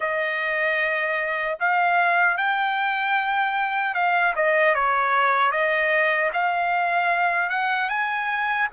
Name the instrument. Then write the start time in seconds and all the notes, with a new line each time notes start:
trumpet
0.00 D#5
1.59 F5
2.37 G5
3.94 F5
4.35 D#5
4.74 C#5
5.51 D#5
6.33 F5
7.49 F#5
7.89 G#5